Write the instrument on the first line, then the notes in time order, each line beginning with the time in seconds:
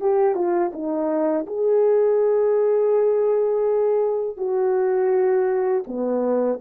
horn
0.00 G4
0.35 F4
0.73 D#4
1.47 G#4
4.37 F#4
5.87 B3